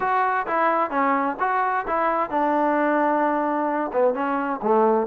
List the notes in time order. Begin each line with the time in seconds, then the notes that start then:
0.00 F#4
0.46 E4
0.90 C#4
1.39 F#4
1.87 E4
2.30 D4
3.92 B3
4.13 C#4
4.62 A3